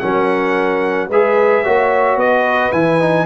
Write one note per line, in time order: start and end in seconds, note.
0.00 1.09 F#3
0.00 1.10 C#4
0.00 1.09 A#4
0.00 1.09 F#5
1.09 1.64 G#3
1.09 1.65 G#4
1.09 1.64 B4
1.09 2.20 E5
1.64 2.16 A#3
1.64 2.73 F#4
1.64 2.18 C#5
2.16 2.71 B3
2.16 3.26 B4
2.16 2.72 D#5
2.72 3.26 E3
2.72 3.00 E4
2.72 3.26 G#5
3.00 3.26 D#4